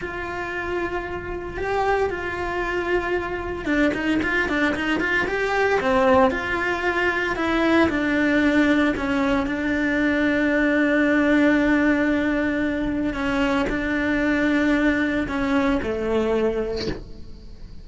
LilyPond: \new Staff \with { instrumentName = "cello" } { \time 4/4 \tempo 4 = 114 f'2. g'4 | f'2. d'8 dis'8 | f'8 d'8 dis'8 f'8 g'4 c'4 | f'2 e'4 d'4~ |
d'4 cis'4 d'2~ | d'1~ | d'4 cis'4 d'2~ | d'4 cis'4 a2 | }